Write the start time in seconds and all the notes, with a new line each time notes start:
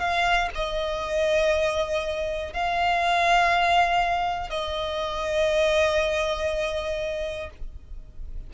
0.00 F5
0.55 D#5
2.54 F5
4.50 D#5